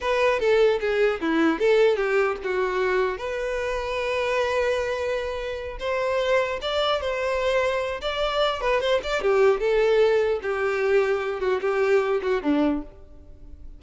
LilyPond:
\new Staff \with { instrumentName = "violin" } { \time 4/4 \tempo 4 = 150 b'4 a'4 gis'4 e'4 | a'4 g'4 fis'2 | b'1~ | b'2~ b'8 c''4.~ |
c''8 d''4 c''2~ c''8 | d''4. b'8 c''8 d''8 g'4 | a'2 g'2~ | g'8 fis'8 g'4. fis'8 d'4 | }